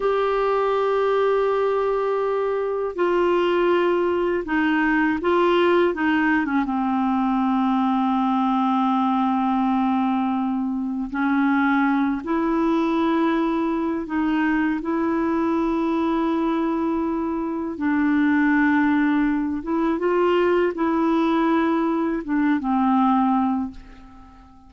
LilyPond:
\new Staff \with { instrumentName = "clarinet" } { \time 4/4 \tempo 4 = 81 g'1 | f'2 dis'4 f'4 | dis'8. cis'16 c'2.~ | c'2. cis'4~ |
cis'8 e'2~ e'8 dis'4 | e'1 | d'2~ d'8 e'8 f'4 | e'2 d'8 c'4. | }